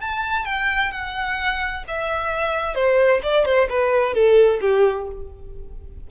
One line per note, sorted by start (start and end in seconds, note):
0.00 0.45 A5
0.45 0.91 G5
0.91 1.84 F#5
1.87 2.74 E5
2.74 3.21 C5
3.22 3.45 D5
3.45 3.68 C5
3.69 4.13 B4
4.13 4.60 A4
4.61 5.07 G4